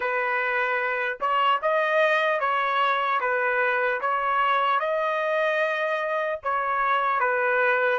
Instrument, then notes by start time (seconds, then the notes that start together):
trumpet
0.00 B4
1.20 C#5
1.61 D#5
2.40 C#5
3.20 B4
4.00 C#5
4.79 D#5
6.43 C#5
7.20 B4